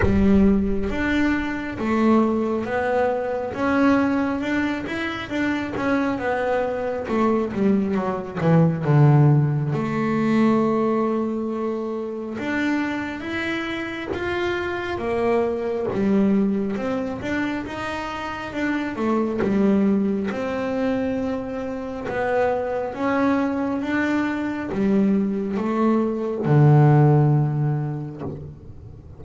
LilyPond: \new Staff \with { instrumentName = "double bass" } { \time 4/4 \tempo 4 = 68 g4 d'4 a4 b4 | cis'4 d'8 e'8 d'8 cis'8 b4 | a8 g8 fis8 e8 d4 a4~ | a2 d'4 e'4 |
f'4 ais4 g4 c'8 d'8 | dis'4 d'8 a8 g4 c'4~ | c'4 b4 cis'4 d'4 | g4 a4 d2 | }